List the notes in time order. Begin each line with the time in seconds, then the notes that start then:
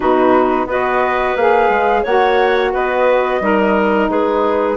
0.00 B2 D#4 F#4 B4
0.65 B3 F#4 B4 D#5
1.36 A#3 G#4 F5
1.69 G#3
2.02 A#3 F#4 C#5 F#5
2.73 B3 B4 D#5
3.40 G3 D#4 A#4
4.09 G#3 G#4 B4